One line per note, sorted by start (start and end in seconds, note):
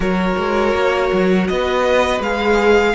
0.00 0.35 F#3
0.00 2.22 F#4
0.00 1.48 A#4
0.00 1.47 C#5
0.37 0.74 G#3
0.74 1.11 A#3
1.12 1.49 F#3
1.47 2.19 B3
1.47 2.95 B4
1.47 2.21 D#5
2.19 2.93 G#3
2.19 2.95 G#4
2.19 2.95 F5